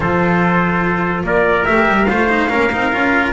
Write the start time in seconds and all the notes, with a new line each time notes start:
0.00 F3 F4 A4 C5
1.23 A#3 A#4 D5
1.64 A3 G4 E5
1.87 G3
2.04 A3 F4 C5 F5
2.29 D#4
2.49 A#3 C#4 A#4
2.72 C4 D#4
2.92 C#4 F4